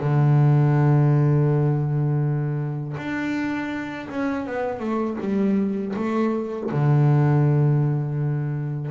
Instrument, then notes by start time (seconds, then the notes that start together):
double bass
0.00 D3
2.97 D4
4.09 C#4
4.46 B3
4.79 A3
5.20 G3
5.96 A3
6.71 D3